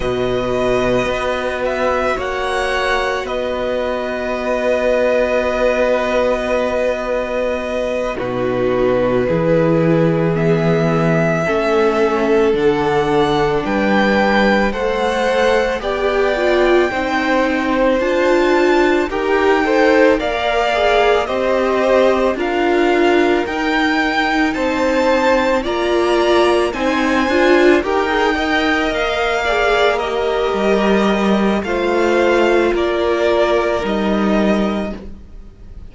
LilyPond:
<<
  \new Staff \with { instrumentName = "violin" } { \time 4/4 \tempo 4 = 55 dis''4. e''8 fis''4 dis''4~ | dis''2.~ dis''8 b'8~ | b'4. e''2 fis''8~ | fis''8 g''4 fis''4 g''4.~ |
g''8 a''4 g''4 f''4 dis''8~ | dis''8 f''4 g''4 a''4 ais''8~ | ais''8 gis''4 g''4 f''4 dis''8~ | dis''4 f''4 d''4 dis''4 | }
  \new Staff \with { instrumentName = "violin" } { \time 4/4 b'2 cis''4 b'4~ | b'2.~ b'8 fis'8~ | fis'8 gis'2 a'4.~ | a'8 b'4 c''4 d''4 c''8~ |
c''4. ais'8 c''8 d''4 c''8~ | c''8 ais'2 c''4 d''8~ | d''8 c''4 ais'8 dis''4 d''8 ais'8~ | ais'4 c''4 ais'2 | }
  \new Staff \with { instrumentName = "viola" } { \time 4/4 fis'1~ | fis'2.~ fis'8 dis'8~ | dis'8 e'4 b4 cis'4 d'8~ | d'4. a'4 g'8 f'8 dis'8~ |
dis'8 f'4 g'8 a'8 ais'8 gis'8 g'8~ | g'8 f'4 dis'2 f'8~ | f'8 dis'8 f'8 g'16 gis'16 ais'4 gis'8 g'8~ | g'4 f'2 dis'4 | }
  \new Staff \with { instrumentName = "cello" } { \time 4/4 b,4 b4 ais4 b4~ | b2.~ b8 b,8~ | b,8 e2 a4 d8~ | d8 g4 a4 b4 c'8~ |
c'8 d'4 dis'4 ais4 c'8~ | c'8 d'4 dis'4 c'4 ais8~ | ais8 c'8 d'8 dis'4 ais4. | g4 a4 ais4 g4 | }
>>